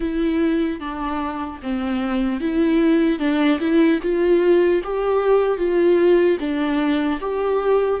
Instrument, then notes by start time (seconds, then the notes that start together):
viola
0.00 E4
0.80 D4
1.62 C4
2.40 E4
3.19 D4
3.60 E4
4.02 F4
4.83 G4
5.57 F4
6.39 D4
7.20 G4